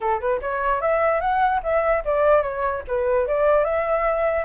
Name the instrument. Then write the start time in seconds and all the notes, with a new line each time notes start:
flute
0.01 A4
0.20 B4
0.41 C#5
0.81 E5
1.20 F#5
1.63 E5
2.04 D5
2.42 C#5
2.87 B4
3.27 D5
3.64 E5